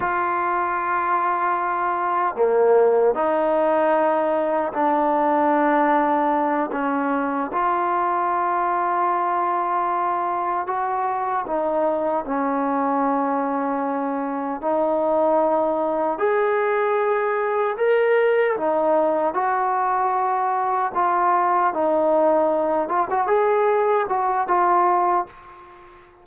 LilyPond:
\new Staff \with { instrumentName = "trombone" } { \time 4/4 \tempo 4 = 76 f'2. ais4 | dis'2 d'2~ | d'8 cis'4 f'2~ f'8~ | f'4. fis'4 dis'4 cis'8~ |
cis'2~ cis'8 dis'4.~ | dis'8 gis'2 ais'4 dis'8~ | dis'8 fis'2 f'4 dis'8~ | dis'4 f'16 fis'16 gis'4 fis'8 f'4 | }